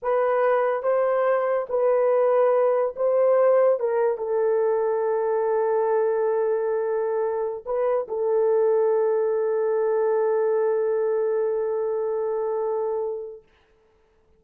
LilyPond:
\new Staff \with { instrumentName = "horn" } { \time 4/4 \tempo 4 = 143 b'2 c''2 | b'2. c''4~ | c''4 ais'4 a'2~ | a'1~ |
a'2~ a'16 b'4 a'8.~ | a'1~ | a'1~ | a'1 | }